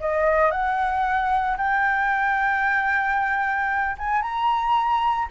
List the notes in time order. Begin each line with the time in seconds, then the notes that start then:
0.00 D#5
0.50 F#5
1.57 G5
3.98 G#5
4.22 A#5